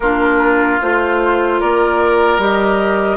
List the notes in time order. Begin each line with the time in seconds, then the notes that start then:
0.00 A#3 D4 F4 A#4
0.81 A3 F4 C5
1.60 A#3 A#4 D5
2.38 G3 G4 D#5